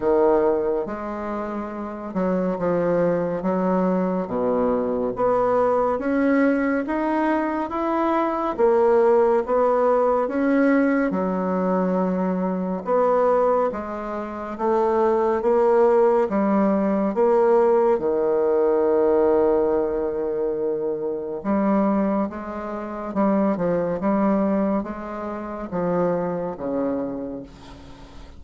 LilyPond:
\new Staff \with { instrumentName = "bassoon" } { \time 4/4 \tempo 4 = 70 dis4 gis4. fis8 f4 | fis4 b,4 b4 cis'4 | dis'4 e'4 ais4 b4 | cis'4 fis2 b4 |
gis4 a4 ais4 g4 | ais4 dis2.~ | dis4 g4 gis4 g8 f8 | g4 gis4 f4 cis4 | }